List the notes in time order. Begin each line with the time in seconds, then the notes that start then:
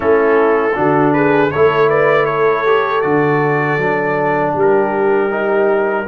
0.00 A3 C#4 E4 A4
0.74 D3 D4 F#4
1.13 G#4 B4
1.51 A3 E4 A4 C#5
1.88 B4 D5
2.25 A4 C#5
2.65 G4
3.01 D3 F#4 D5
3.77 F#3 D4
4.53 G3 G4 A#4
5.29 D#4